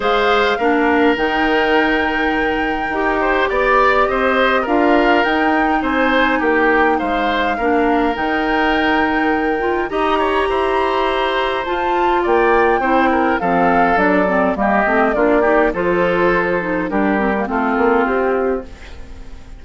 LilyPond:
<<
  \new Staff \with { instrumentName = "flute" } { \time 4/4 \tempo 4 = 103 f''2 g''2~ | g''2 d''4 dis''4 | f''4 g''4 gis''4 g''4 | f''2 g''2~ |
g''4 ais''2. | a''4 g''2 f''4 | d''4 dis''4 d''4 c''4~ | c''4 ais'4 a'4 g'4 | }
  \new Staff \with { instrumentName = "oboe" } { \time 4/4 c''4 ais'2.~ | ais'4. c''8 d''4 c''4 | ais'2 c''4 g'4 | c''4 ais'2.~ |
ais'4 dis''8 cis''8 c''2~ | c''4 d''4 c''8 ais'8 a'4~ | a'4 g'4 f'8 g'8 a'4~ | a'4 g'4 f'2 | }
  \new Staff \with { instrumentName = "clarinet" } { \time 4/4 gis'4 d'4 dis'2~ | dis'4 g'2. | f'4 dis'2.~ | dis'4 d'4 dis'2~ |
dis'8 f'8 g'2. | f'2 e'4 c'4 | d'8 c'8 ais8 c'8 d'8 dis'8 f'4~ | f'8 dis'8 d'8 c'16 ais16 c'2 | }
  \new Staff \with { instrumentName = "bassoon" } { \time 4/4 gis4 ais4 dis2~ | dis4 dis'4 b4 c'4 | d'4 dis'4 c'4 ais4 | gis4 ais4 dis2~ |
dis4 dis'4 e'2 | f'4 ais4 c'4 f4 | fis4 g8 a8 ais4 f4~ | f4 g4 a8 ais8 c'4 | }
>>